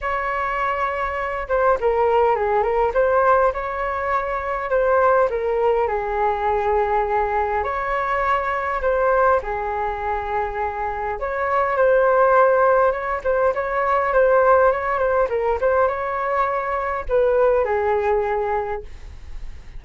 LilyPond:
\new Staff \with { instrumentName = "flute" } { \time 4/4 \tempo 4 = 102 cis''2~ cis''8 c''8 ais'4 | gis'8 ais'8 c''4 cis''2 | c''4 ais'4 gis'2~ | gis'4 cis''2 c''4 |
gis'2. cis''4 | c''2 cis''8 c''8 cis''4 | c''4 cis''8 c''8 ais'8 c''8 cis''4~ | cis''4 b'4 gis'2 | }